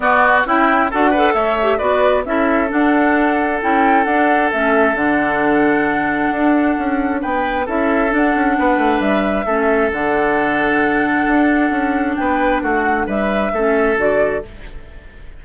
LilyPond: <<
  \new Staff \with { instrumentName = "flute" } { \time 4/4 \tempo 4 = 133 d''4 g''4 fis''4 e''4 | d''4 e''4 fis''2 | g''4 fis''4 e''4 fis''4~ | fis''1 |
g''4 e''4 fis''2 | e''2 fis''2~ | fis''2. g''4 | fis''4 e''2 d''4 | }
  \new Staff \with { instrumentName = "oboe" } { \time 4/4 fis'4 e'4 a'8 b'8 cis''4 | b'4 a'2.~ | a'1~ | a'1 |
b'4 a'2 b'4~ | b'4 a'2.~ | a'2. b'4 | fis'4 b'4 a'2 | }
  \new Staff \with { instrumentName = "clarinet" } { \time 4/4 b4 e'4 fis'8 a'4 g'8 | fis'4 e'4 d'2 | e'4 d'4 cis'4 d'4~ | d'1~ |
d'4 e'4 d'2~ | d'4 cis'4 d'2~ | d'1~ | d'2 cis'4 fis'4 | }
  \new Staff \with { instrumentName = "bassoon" } { \time 4/4 b4 cis'4 d'4 a4 | b4 cis'4 d'2 | cis'4 d'4 a4 d4~ | d2 d'4 cis'4 |
b4 cis'4 d'8 cis'8 b8 a8 | g4 a4 d2~ | d4 d'4 cis'4 b4 | a4 g4 a4 d4 | }
>>